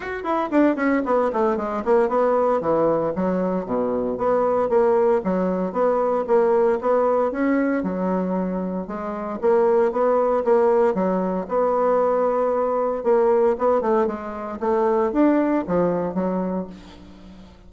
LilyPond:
\new Staff \with { instrumentName = "bassoon" } { \time 4/4 \tempo 4 = 115 fis'8 e'8 d'8 cis'8 b8 a8 gis8 ais8 | b4 e4 fis4 b,4 | b4 ais4 fis4 b4 | ais4 b4 cis'4 fis4~ |
fis4 gis4 ais4 b4 | ais4 fis4 b2~ | b4 ais4 b8 a8 gis4 | a4 d'4 f4 fis4 | }